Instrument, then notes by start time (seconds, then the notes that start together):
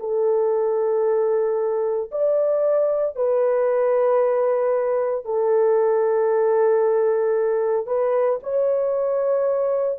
horn
0.00 A4
2.11 D5
3.16 B4
5.25 A4
7.87 B4
8.43 C#5